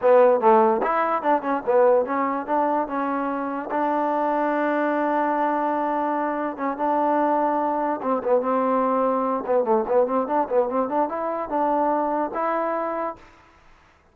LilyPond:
\new Staff \with { instrumentName = "trombone" } { \time 4/4 \tempo 4 = 146 b4 a4 e'4 d'8 cis'8 | b4 cis'4 d'4 cis'4~ | cis'4 d'2.~ | d'1 |
cis'8 d'2. c'8 | b8 c'2~ c'8 b8 a8 | b8 c'8 d'8 b8 c'8 d'8 e'4 | d'2 e'2 | }